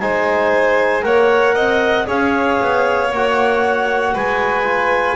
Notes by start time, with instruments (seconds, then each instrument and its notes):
0.00 double bass G#3, trombone D#4, violin C5, clarinet G#5
1.02 double bass A#3, trombone A#4, violin C#5, clarinet F#5
1.55 double bass C4, violin D#5
2.06 double bass C#4, trombone G#4, violin C#5, clarinet F5
2.61 double bass B3
3.12 double bass A#3, trombone F#4, clarinet F#5
4.14 double bass G#3, violin B4, clarinet G#5
4.64 trombone F4